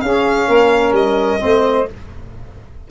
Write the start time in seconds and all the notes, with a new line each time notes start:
0.00 C#4 G#4 F5
0.47 A#3 A#4
0.92 G3 D#5
1.39 A3 C4 C5